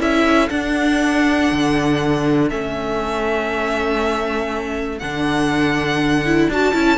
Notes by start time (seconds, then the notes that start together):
0.00 C#4 E4 A4 E5
0.49 D4 F#5
1.52 D3
2.50 A3 C#4 E5
4.99 D3 D4 F#5
6.26 E4
6.49 D4 F#4 A5
6.74 C#4 E4